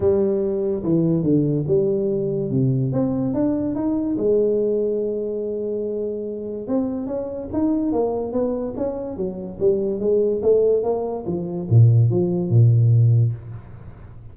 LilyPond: \new Staff \with { instrumentName = "tuba" } { \time 4/4 \tempo 4 = 144 g2 e4 d4 | g2 c4 c'4 | d'4 dis'4 gis2~ | gis1 |
c'4 cis'4 dis'4 ais4 | b4 cis'4 fis4 g4 | gis4 a4 ais4 f4 | ais,4 f4 ais,2 | }